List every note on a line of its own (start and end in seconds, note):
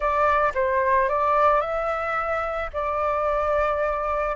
0.00 0.52 D5
0.54 1.08 C5
1.08 1.61 D5
1.61 2.70 E5
2.73 4.35 D5